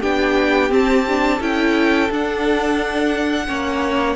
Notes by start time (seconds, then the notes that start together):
0.00 B3 D4 G4 G5
0.69 C4 A5
1.08 D4
1.36 C#4 E4 A4 G5
2.10 D4 F#5
3.47 A#3 C#4 C#5